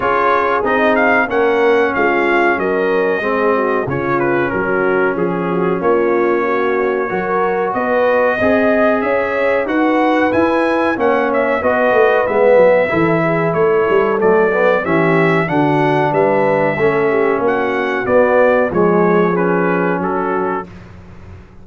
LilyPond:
<<
  \new Staff \with { instrumentName = "trumpet" } { \time 4/4 \tempo 4 = 93 cis''4 dis''8 f''8 fis''4 f''4 | dis''2 cis''8 b'8 ais'4 | gis'4 cis''2. | dis''2 e''4 fis''4 |
gis''4 fis''8 e''8 dis''4 e''4~ | e''4 cis''4 d''4 e''4 | fis''4 e''2 fis''4 | d''4 cis''4 b'4 a'4 | }
  \new Staff \with { instrumentName = "horn" } { \time 4/4 gis'2 ais'4 f'4 | ais'4 gis'8 fis'8 f'4 fis'4 | gis'8 fis'8 f'4 fis'4 ais'4 | b'4 dis''4 cis''4 b'4~ |
b'4 cis''4 b'2 | a'8 gis'8 a'2 g'4 | fis'4 b'4 a'8 g'8 fis'4~ | fis'4 gis'2 fis'4 | }
  \new Staff \with { instrumentName = "trombone" } { \time 4/4 f'4 dis'4 cis'2~ | cis'4 c'4 cis'2~ | cis'2. fis'4~ | fis'4 gis'2 fis'4 |
e'4 cis'4 fis'4 b4 | e'2 a8 b8 cis'4 | d'2 cis'2 | b4 gis4 cis'2 | }
  \new Staff \with { instrumentName = "tuba" } { \time 4/4 cis'4 c'4 ais4 gis4 | fis4 gis4 cis4 fis4 | f4 ais2 fis4 | b4 c'4 cis'4 dis'4 |
e'4 ais4 b8 a8 gis8 fis8 | e4 a8 g8 fis4 e4 | d4 g4 a4 ais4 | b4 f2 fis4 | }
>>